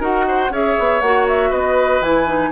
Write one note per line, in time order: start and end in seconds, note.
0.00 0.50 D#4
0.00 0.51 F#4
0.00 0.25 A#4
0.00 0.53 F#5
0.28 0.52 C5
0.50 0.75 C#4
0.50 1.02 G#4
0.50 1.50 C#5
0.50 1.01 E5
0.79 1.02 B3
1.01 1.52 A#3
1.01 2.04 F#4
1.01 1.26 F#5
1.28 1.52 E5
1.50 2.01 B3
1.50 2.50 B4
1.50 2.02 D#5
2.01 2.51 E3
2.01 2.27 E4
2.01 2.52 G#5
2.27 2.52 D#4